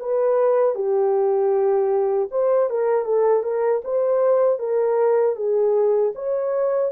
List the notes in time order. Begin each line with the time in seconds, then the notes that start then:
0.00 B4
0.75 G4
2.31 C5
2.70 A#4
3.05 A4
3.43 A#4
3.84 C5
4.59 A#4
5.36 G#4
6.15 C#5